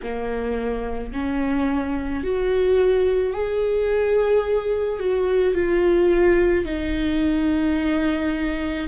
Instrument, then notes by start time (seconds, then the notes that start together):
viola
0.03 A#3
1.12 C#4
2.23 F#4
3.33 G#4
4.99 F#4
5.54 F4
6.65 D#4